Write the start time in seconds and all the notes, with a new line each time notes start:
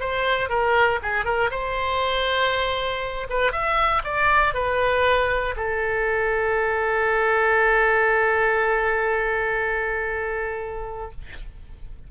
0.00 C5
0.49 A#4
1.02 G#4
1.25 A#4
1.51 C5
3.30 B4
3.52 E5
4.04 D5
4.54 B4
5.56 A4